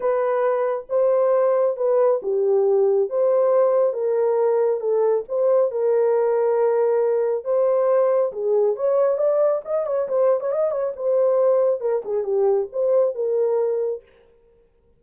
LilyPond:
\new Staff \with { instrumentName = "horn" } { \time 4/4 \tempo 4 = 137 b'2 c''2 | b'4 g'2 c''4~ | c''4 ais'2 a'4 | c''4 ais'2.~ |
ais'4 c''2 gis'4 | cis''4 d''4 dis''8 cis''8 c''8. cis''16 | dis''8 cis''8 c''2 ais'8 gis'8 | g'4 c''4 ais'2 | }